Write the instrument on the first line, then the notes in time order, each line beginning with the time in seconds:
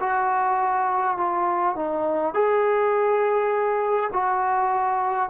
trombone
0.00 F#4
1.17 F4
1.75 D#4
2.34 G#4
4.13 F#4